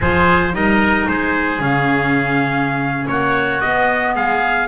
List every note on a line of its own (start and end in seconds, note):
0.00 0.53 F3
0.00 0.52 F4
0.00 0.53 G#4
0.00 0.54 C5
0.52 1.06 G3
0.52 1.59 D#4
0.52 1.09 A#4
0.52 1.08 D#5
1.08 1.59 G#3
1.08 3.09 G#4
1.08 1.61 C5
1.59 3.07 C#3
1.59 3.60 C#4
1.59 3.07 F5
3.07 3.63 A#3
3.07 4.15 F#4
3.07 3.60 C#5
3.60 4.16 B3
3.60 4.68 B3
3.60 4.14 D#5
4.15 4.68 G#3
4.15 4.68 G#4
4.15 4.68 F5